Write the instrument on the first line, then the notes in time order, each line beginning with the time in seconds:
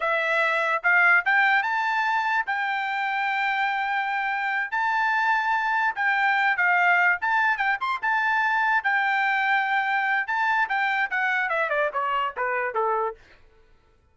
trumpet
0.00 E5
0.83 F5
1.25 G5
1.62 A5
2.46 G5
4.71 A5
5.95 G5
6.56 F5
7.21 A5
7.57 G5
7.80 C6
8.01 A5
8.83 G5
10.27 A5
10.68 G5
11.10 F#5
11.49 E5
11.69 D5
11.93 C#5
12.36 B4
12.74 A4